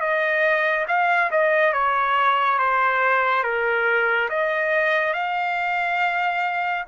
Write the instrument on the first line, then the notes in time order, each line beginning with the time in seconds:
trumpet
0.00 D#5
0.88 F5
1.31 D#5
1.73 C#5
2.58 C5
3.43 A#4
4.29 D#5
5.13 F5